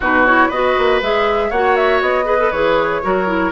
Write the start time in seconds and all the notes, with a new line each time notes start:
0.00 B2 D#4 F#4 B4
0.25 E4 C#5
0.48 B3 F#4 B4 D#5
0.78 A#3
1.01 G#3 G#4 E5
1.49 A#3 F#4 C#5 F#5
1.76 E5
2.01 B3 D#5
2.24 G#4 B4
2.38 A4
2.51 E3 G#4 C#5
3.02 F#3 F#4 A#4
3.26 E4